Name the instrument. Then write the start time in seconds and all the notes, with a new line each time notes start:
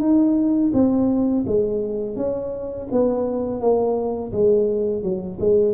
tuba
0.00 D#4
0.73 C4
1.46 G#3
2.17 C#4
2.91 B3
3.60 A#3
4.32 G#3
5.03 F#3
5.40 G#3